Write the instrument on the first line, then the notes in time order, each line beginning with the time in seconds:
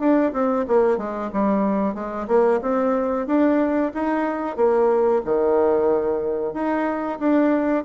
bassoon
0.00 D4
0.33 C4
0.68 A#3
0.98 G#3
1.33 G3
1.95 G#3
2.28 A#3
2.62 C4
3.27 D4
3.94 D#4
4.57 A#3
5.25 D#3
6.54 D#4
7.19 D4